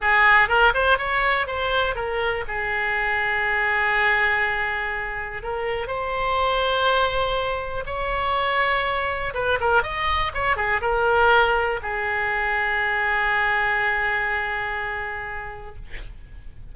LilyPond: \new Staff \with { instrumentName = "oboe" } { \time 4/4 \tempo 4 = 122 gis'4 ais'8 c''8 cis''4 c''4 | ais'4 gis'2.~ | gis'2. ais'4 | c''1 |
cis''2. b'8 ais'8 | dis''4 cis''8 gis'8 ais'2 | gis'1~ | gis'1 | }